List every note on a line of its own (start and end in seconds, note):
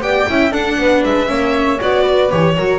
0.00 0.25 B3
0.00 0.26 G4
0.00 0.29 D5
0.00 0.52 G5
0.28 0.52 C#4
0.28 0.51 E4
0.28 0.51 E5
0.51 1.26 D4
0.51 0.77 D4
0.51 0.76 A4
0.51 1.03 F#5
0.77 1.02 B3
0.77 1.29 B4
1.04 1.29 G#3
1.04 1.80 E5
1.26 1.79 A#3
1.26 1.77 C#4
1.26 2.02 C#5
1.81 2.31 B3
1.81 2.29 F#4
1.81 2.31 D5
2.02 2.52 B4
2.29 2.57 E3
2.29 2.54 G4
2.29 2.78 C#5
2.57 2.78 F#3
2.57 2.78 F#4
2.57 2.78 A#4